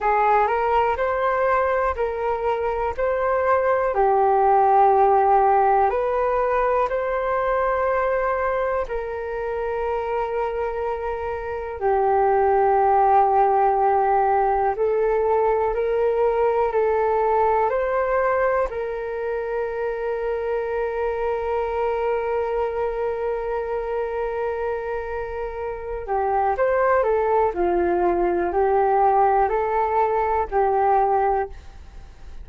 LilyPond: \new Staff \with { instrumentName = "flute" } { \time 4/4 \tempo 4 = 61 gis'8 ais'8 c''4 ais'4 c''4 | g'2 b'4 c''4~ | c''4 ais'2. | g'2. a'4 |
ais'4 a'4 c''4 ais'4~ | ais'1~ | ais'2~ ais'8 g'8 c''8 a'8 | f'4 g'4 a'4 g'4 | }